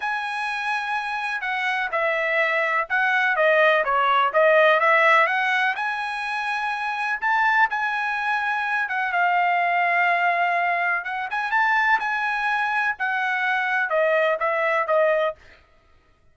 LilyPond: \new Staff \with { instrumentName = "trumpet" } { \time 4/4 \tempo 4 = 125 gis''2. fis''4 | e''2 fis''4 dis''4 | cis''4 dis''4 e''4 fis''4 | gis''2. a''4 |
gis''2~ gis''8 fis''8 f''4~ | f''2. fis''8 gis''8 | a''4 gis''2 fis''4~ | fis''4 dis''4 e''4 dis''4 | }